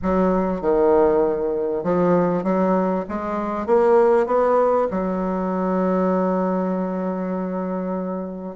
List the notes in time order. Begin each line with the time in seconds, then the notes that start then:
0.02 F#3
0.61 D#3
1.83 F3
2.43 F#3
3.09 G#3
3.66 A#3
4.26 B3
4.91 F#3